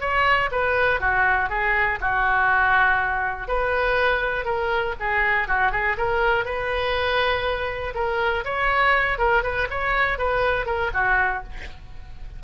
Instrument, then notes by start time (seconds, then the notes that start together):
oboe
0.00 C#5
0.51 B4
1.00 F#4
1.49 G#4
2.00 F#4
3.47 B4
4.45 A#4
4.99 G#4
5.47 F#4
5.72 G#4
5.97 A#4
6.45 B4
7.95 A#4
8.44 C#5
9.18 A#4
9.43 B4
9.70 C#5
10.18 B4
10.65 A#4
10.93 F#4